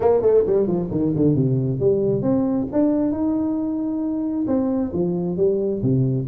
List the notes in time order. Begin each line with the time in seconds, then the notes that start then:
0.00 A#3
0.21 A3
0.46 G3
0.67 F3
0.91 D#3
1.15 D3
1.35 C3
1.79 G3
2.21 C4
2.72 D4
3.11 D#4
4.47 C4
4.93 F3
5.36 G3
5.82 C3